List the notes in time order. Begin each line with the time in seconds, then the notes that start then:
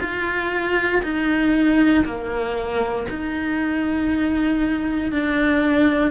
0.00 F4
1.03 D#4
2.05 A#3
3.10 D#4
5.12 D4